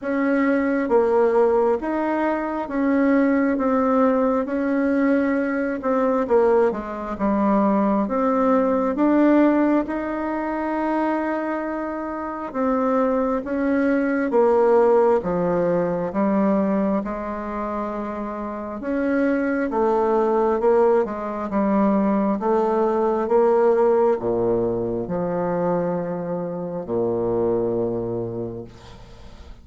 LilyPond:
\new Staff \with { instrumentName = "bassoon" } { \time 4/4 \tempo 4 = 67 cis'4 ais4 dis'4 cis'4 | c'4 cis'4. c'8 ais8 gis8 | g4 c'4 d'4 dis'4~ | dis'2 c'4 cis'4 |
ais4 f4 g4 gis4~ | gis4 cis'4 a4 ais8 gis8 | g4 a4 ais4 ais,4 | f2 ais,2 | }